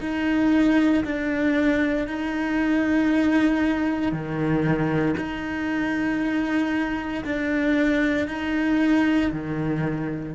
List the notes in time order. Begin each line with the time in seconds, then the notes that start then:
0.00 D#4
1.04 D4
2.07 D#4
4.11 D#3
5.17 D#4
7.24 D4
8.28 D#4
9.32 D#3